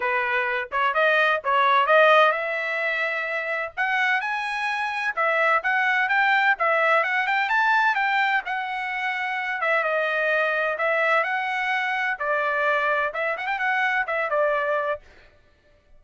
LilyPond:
\new Staff \with { instrumentName = "trumpet" } { \time 4/4 \tempo 4 = 128 b'4. cis''8 dis''4 cis''4 | dis''4 e''2. | fis''4 gis''2 e''4 | fis''4 g''4 e''4 fis''8 g''8 |
a''4 g''4 fis''2~ | fis''8 e''8 dis''2 e''4 | fis''2 d''2 | e''8 fis''16 g''16 fis''4 e''8 d''4. | }